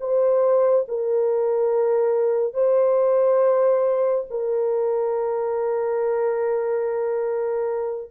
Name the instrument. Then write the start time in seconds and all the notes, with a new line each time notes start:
horn
0.00 C5
0.88 A#4
2.54 C5
4.30 A#4